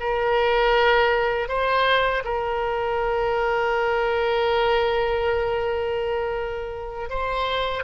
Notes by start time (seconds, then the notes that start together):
0.00 A#4
1.48 C5
2.24 A#4
7.09 C5